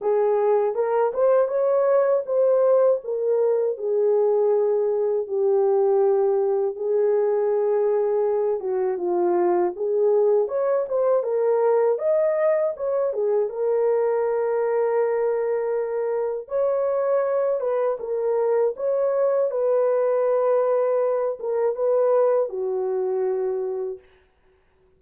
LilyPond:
\new Staff \with { instrumentName = "horn" } { \time 4/4 \tempo 4 = 80 gis'4 ais'8 c''8 cis''4 c''4 | ais'4 gis'2 g'4~ | g'4 gis'2~ gis'8 fis'8 | f'4 gis'4 cis''8 c''8 ais'4 |
dis''4 cis''8 gis'8 ais'2~ | ais'2 cis''4. b'8 | ais'4 cis''4 b'2~ | b'8 ais'8 b'4 fis'2 | }